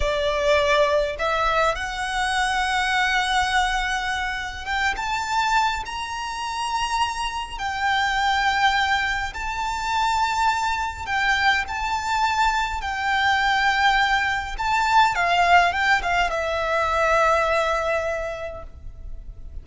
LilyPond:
\new Staff \with { instrumentName = "violin" } { \time 4/4 \tempo 4 = 103 d''2 e''4 fis''4~ | fis''1 | g''8 a''4. ais''2~ | ais''4 g''2. |
a''2. g''4 | a''2 g''2~ | g''4 a''4 f''4 g''8 f''8 | e''1 | }